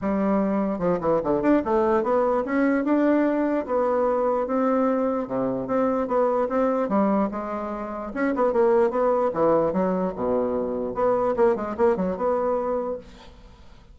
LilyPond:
\new Staff \with { instrumentName = "bassoon" } { \time 4/4 \tempo 4 = 148 g2 f8 e8 d8 d'8 | a4 b4 cis'4 d'4~ | d'4 b2 c'4~ | c'4 c4 c'4 b4 |
c'4 g4 gis2 | cis'8 b8 ais4 b4 e4 | fis4 b,2 b4 | ais8 gis8 ais8 fis8 b2 | }